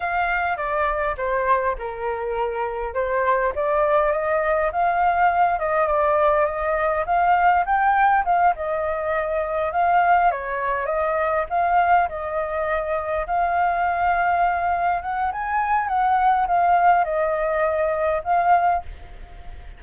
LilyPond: \new Staff \with { instrumentName = "flute" } { \time 4/4 \tempo 4 = 102 f''4 d''4 c''4 ais'4~ | ais'4 c''4 d''4 dis''4 | f''4. dis''8 d''4 dis''4 | f''4 g''4 f''8 dis''4.~ |
dis''8 f''4 cis''4 dis''4 f''8~ | f''8 dis''2 f''4.~ | f''4. fis''8 gis''4 fis''4 | f''4 dis''2 f''4 | }